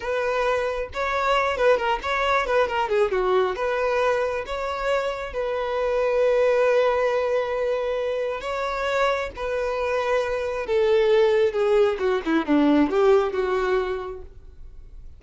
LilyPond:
\new Staff \with { instrumentName = "violin" } { \time 4/4 \tempo 4 = 135 b'2 cis''4. b'8 | ais'8 cis''4 b'8 ais'8 gis'8 fis'4 | b'2 cis''2 | b'1~ |
b'2. cis''4~ | cis''4 b'2. | a'2 gis'4 fis'8 e'8 | d'4 g'4 fis'2 | }